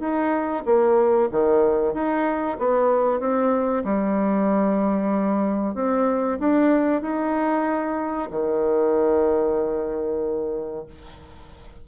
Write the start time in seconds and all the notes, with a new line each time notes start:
0.00 D#4
0.65 A#3
1.31 D#3
1.94 D#4
2.59 B3
3.20 C4
3.84 G3
5.75 C4
6.39 D4
7.02 D#4
8.31 D#3